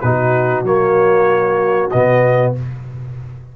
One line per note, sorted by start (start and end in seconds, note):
0.00 0.63 B2
0.00 0.65 D#4
0.00 2.55 F#4
0.00 0.62 B4
0.63 1.88 F#3
0.63 1.90 A#3
0.63 1.90 C#5
1.90 2.56 B2
1.90 2.55 B3
1.90 2.52 D#5